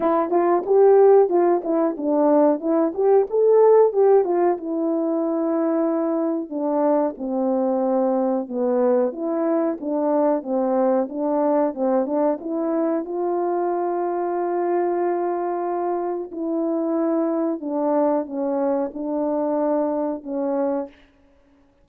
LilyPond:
\new Staff \with { instrumentName = "horn" } { \time 4/4 \tempo 4 = 92 e'8 f'8 g'4 f'8 e'8 d'4 | e'8 g'8 a'4 g'8 f'8 e'4~ | e'2 d'4 c'4~ | c'4 b4 e'4 d'4 |
c'4 d'4 c'8 d'8 e'4 | f'1~ | f'4 e'2 d'4 | cis'4 d'2 cis'4 | }